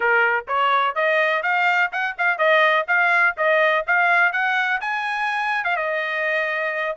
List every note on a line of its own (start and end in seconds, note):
0.00 0.45 A#4
0.47 0.95 C#5
0.95 1.42 D#5
1.42 1.90 F5
1.92 2.16 F#5
2.18 2.38 F5
2.38 2.86 D#5
2.87 3.35 F5
3.37 3.85 D#5
3.86 4.32 F5
4.32 4.80 F#5
4.80 5.64 G#5
5.64 5.76 F5
5.76 6.96 D#5